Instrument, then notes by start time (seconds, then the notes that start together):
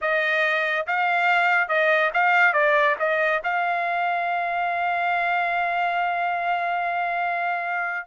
trumpet
0.01 D#5
0.86 F5
1.68 D#5
2.13 F5
2.53 D5
2.99 D#5
3.43 F5